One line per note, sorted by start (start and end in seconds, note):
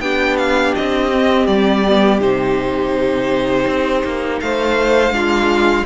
0.00 0.73 B3
0.00 1.11 D4
0.00 4.41 G4
0.00 0.37 G5
0.38 0.74 F5
0.75 1.47 C4
0.75 1.47 D#5
1.11 1.85 C4
1.47 2.20 G3
1.47 2.20 D5
1.88 2.21 B3
2.20 3.66 C3
2.20 5.11 D#4
2.20 4.40 C5
3.67 4.04 C4
4.04 4.41 A#3
4.40 5.10 A3
4.40 5.15 C5
4.40 5.86 F5
5.10 5.83 G#3
5.10 5.85 D4
5.10 5.86 F4